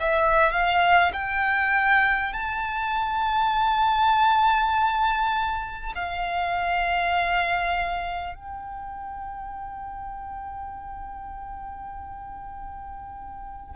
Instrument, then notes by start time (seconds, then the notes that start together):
violin
0.00 E5
0.52 F5
1.13 G5
2.33 A5
5.95 F5
8.36 G5